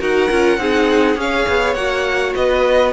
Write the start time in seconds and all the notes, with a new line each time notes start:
0.00 D#4 F#4 A#4 F#5
0.30 C#4 F4
0.58 C4 D#4 G#4
1.16 C#4 G#4 C#5 F5
1.49 B3
1.75 A#3 F#4 F#5
2.36 B3 B4 D#5